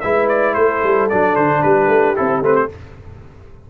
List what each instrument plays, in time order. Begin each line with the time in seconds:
0.00 tuba G#3, trombone E4, horn B4, trumpet E5
0.28 trumpet D5
0.53 tuba A3, horn A4, trumpet C5
0.83 tuba G3
1.09 tuba F#3, trombone D4, trumpet D5
1.35 tuba D3, trumpet C5
1.62 tuba G3, horn G4, trumpet B4
1.87 tuba A3
2.15 tuba C4, trombone E4, trumpet A4
2.41 tuba A3, trombone C4, trumpet B4
2.55 trumpet C5